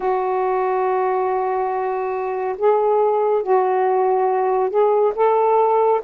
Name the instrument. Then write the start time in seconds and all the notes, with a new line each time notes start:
saxophone
0.00 F#4
2.58 G#4
3.42 F#4
4.69 G#4
5.15 A4